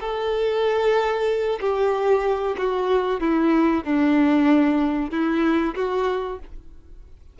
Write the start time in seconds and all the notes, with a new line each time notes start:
0.00 A4
1.60 G4
2.58 F#4
3.21 E4
3.84 D4
5.11 E4
5.75 F#4